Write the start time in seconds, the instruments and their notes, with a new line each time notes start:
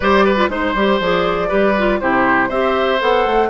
0.00 bassoon G3, clarinet G4, oboe C5, flute D5
0.24 oboe B4
0.36 clarinet F4
0.48 bassoon G#3, clarinet D#4, flute C5, oboe C5
0.74 bassoon G3, clarinet G4
1.00 bassoon F3, clarinet G#4, flute D5
1.48 bassoon G3, clarinet G4, oboe B4
1.78 clarinet F4
1.99 bassoon C3, clarinet E4, oboe G4, flute C5
2.48 bassoon C4, clarinet G4, oboe C5, flute E5
2.99 bassoon B3, clarinet A4, flute F#5
3.25 bassoon A3